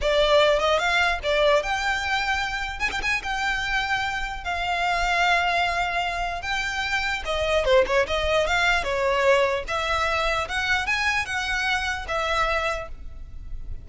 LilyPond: \new Staff \with { instrumentName = "violin" } { \time 4/4 \tempo 4 = 149 d''4. dis''8 f''4 d''4 | g''2. gis''16 g''16 gis''8 | g''2. f''4~ | f''1 |
g''2 dis''4 c''8 cis''8 | dis''4 f''4 cis''2 | e''2 fis''4 gis''4 | fis''2 e''2 | }